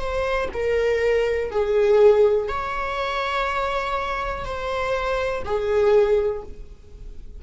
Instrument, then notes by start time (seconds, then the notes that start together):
viola
0.00 C5
0.54 A#4
1.51 G#4
2.49 C#5
4.45 C5
5.45 G#4